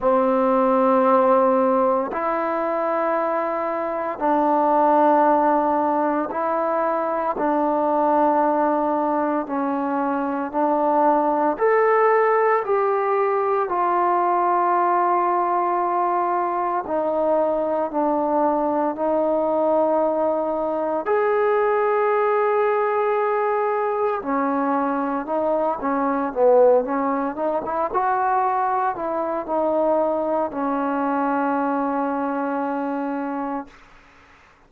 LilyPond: \new Staff \with { instrumentName = "trombone" } { \time 4/4 \tempo 4 = 57 c'2 e'2 | d'2 e'4 d'4~ | d'4 cis'4 d'4 a'4 | g'4 f'2. |
dis'4 d'4 dis'2 | gis'2. cis'4 | dis'8 cis'8 b8 cis'8 dis'16 e'16 fis'4 e'8 | dis'4 cis'2. | }